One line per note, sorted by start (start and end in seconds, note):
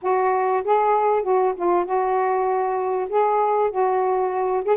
0.01 0.63 F#4
0.64 1.23 G#4
1.23 1.54 F#4
1.56 1.85 F4
1.85 3.08 F#4
3.09 3.71 G#4
3.71 4.63 F#4
4.64 4.77 G#4